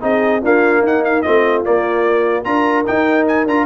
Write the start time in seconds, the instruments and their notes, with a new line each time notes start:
0.00 tuba C4, trombone D#4, horn G#4, trumpet D#5
0.41 trombone A#3, tuba D4, horn F4, trumpet F5
0.80 horn D#4, tuba D#4
0.86 trumpet F#5
1.04 trumpet F5
1.22 tuba A3, trombone C4, horn F4, trumpet D#5
1.64 trombone A#3, tuba A#3, trumpet D5
2.44 tuba D4, trombone F4, horn A#4, trumpet A#5
2.86 trombone D#4, tuba D#4, trumpet G5
3.27 trumpet G#5
3.46 tuba D4, trombone F4, trumpet A#5